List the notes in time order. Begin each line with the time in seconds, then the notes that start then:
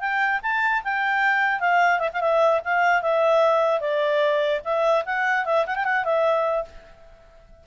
0.00 G5
0.42 A5
0.84 G5
1.60 F5
1.99 E5
2.13 F5
2.20 E5
2.64 F5
3.02 E5
3.80 D5
4.64 E5
5.05 F#5
5.45 E5
5.66 F#5
5.75 G5
5.84 F#5
6.04 E5